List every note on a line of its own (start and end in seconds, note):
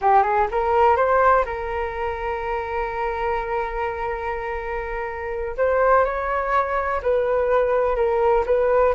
0.01 0.22 G4
0.22 0.47 G#4
0.51 0.96 A#4
0.96 1.44 C5
1.45 5.56 A#4
5.57 6.04 C5
6.04 7.01 C#5
7.02 7.96 B4
7.96 8.44 A#4
8.45 8.94 B4